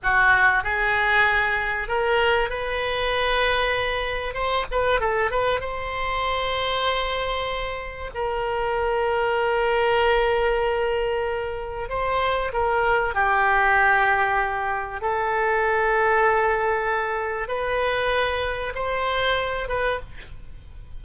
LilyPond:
\new Staff \with { instrumentName = "oboe" } { \time 4/4 \tempo 4 = 96 fis'4 gis'2 ais'4 | b'2. c''8 b'8 | a'8 b'8 c''2.~ | c''4 ais'2.~ |
ais'2. c''4 | ais'4 g'2. | a'1 | b'2 c''4. b'8 | }